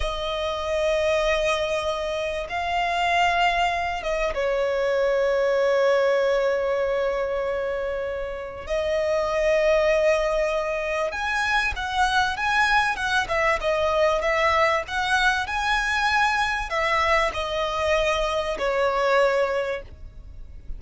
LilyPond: \new Staff \with { instrumentName = "violin" } { \time 4/4 \tempo 4 = 97 dis''1 | f''2~ f''8 dis''8 cis''4~ | cis''1~ | cis''2 dis''2~ |
dis''2 gis''4 fis''4 | gis''4 fis''8 e''8 dis''4 e''4 | fis''4 gis''2 e''4 | dis''2 cis''2 | }